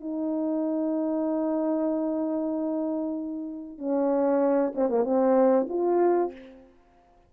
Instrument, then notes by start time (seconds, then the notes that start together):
horn
0.00 D#4
3.78 C#4
4.75 C4
4.89 A#3
5.04 C4
5.69 F4